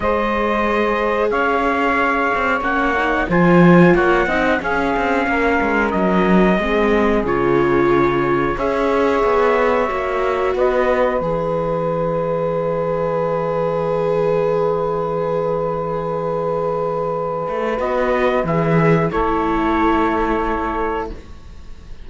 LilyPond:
<<
  \new Staff \with { instrumentName = "trumpet" } { \time 4/4 \tempo 4 = 91 dis''2 f''2 | fis''4 gis''4 fis''4 f''4~ | f''4 dis''2 cis''4~ | cis''4 e''2. |
dis''4 e''2.~ | e''1~ | e''2. dis''4 | e''4 cis''2. | }
  \new Staff \with { instrumentName = "saxophone" } { \time 4/4 c''2 cis''2~ | cis''4 c''4 cis''8 dis''8 gis'4 | ais'2 gis'2~ | gis'4 cis''2. |
b'1~ | b'1~ | b'1~ | b'4 a'2. | }
  \new Staff \with { instrumentName = "viola" } { \time 4/4 gis'1 | cis'8 dis'8 f'4. dis'8 cis'4~ | cis'2 c'4 f'4~ | f'4 gis'2 fis'4~ |
fis'4 gis'2.~ | gis'1~ | gis'2. fis'4 | gis'4 e'2. | }
  \new Staff \with { instrumentName = "cello" } { \time 4/4 gis2 cis'4. c'8 | ais4 f4 ais8 c'8 cis'8 c'8 | ais8 gis8 fis4 gis4 cis4~ | cis4 cis'4 b4 ais4 |
b4 e2.~ | e1~ | e2~ e8 a8 b4 | e4 a2. | }
>>